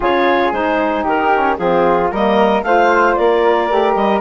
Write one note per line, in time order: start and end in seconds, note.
0.00 0.52 C#3
0.00 0.52 F4
0.00 1.03 G#4
0.00 0.53 C#5
0.52 1.04 G#3
0.52 1.31 D#4
0.52 1.05 C5
1.03 1.58 D#3
1.03 1.55 G4
1.03 1.57 A#4
1.32 1.58 C#4
1.57 2.11 F3
1.57 2.10 C4
1.57 2.11 F4
1.57 2.09 G#4
2.11 2.62 G3
2.11 2.65 A#3
2.11 2.64 A#4
2.11 2.63 D#5
2.62 3.15 A3
2.62 3.68 F4
2.62 3.19 C5
2.62 3.15 F5
3.15 3.70 A#3
3.15 4.21 A#4
3.15 3.94 D5
3.68 3.95 A3
3.68 4.21 G4
3.94 4.21 G3
3.94 4.21 D#5